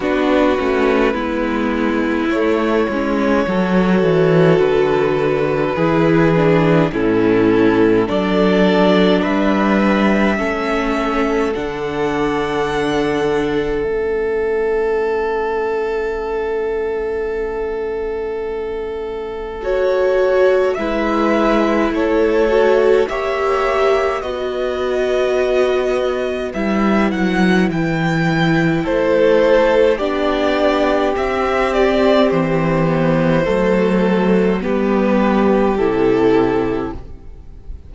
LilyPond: <<
  \new Staff \with { instrumentName = "violin" } { \time 4/4 \tempo 4 = 52 b'2 cis''2 | b'2 a'4 d''4 | e''2 fis''2 | e''1~ |
e''4 cis''4 e''4 cis''4 | e''4 dis''2 e''8 fis''8 | g''4 c''4 d''4 e''8 d''8 | c''2 b'4 a'4 | }
  \new Staff \with { instrumentName = "violin" } { \time 4/4 fis'4 e'2 a'4~ | a'4 gis'4 e'4 a'4 | b'4 a'2.~ | a'1~ |
a'2 b'4 a'4 | cis''4 b'2.~ | b'4 a'4 g'2~ | g'4 a'4 g'2 | }
  \new Staff \with { instrumentName = "viola" } { \time 4/4 d'8 cis'8 b4 a8 cis'8 fis'4~ | fis'4 e'8 d'8 cis'4 d'4~ | d'4 cis'4 d'2 | cis'1~ |
cis'4 fis'4 e'4. fis'8 | g'4 fis'2 e'4~ | e'2 d'4 c'4~ | c'8 b8 a4 b4 e'4 | }
  \new Staff \with { instrumentName = "cello" } { \time 4/4 b8 a8 gis4 a8 gis8 fis8 e8 | d4 e4 a,4 fis4 | g4 a4 d2 | a1~ |
a2 gis4 a4 | ais4 b2 g8 fis8 | e4 a4 b4 c'4 | e4 fis4 g4 c4 | }
>>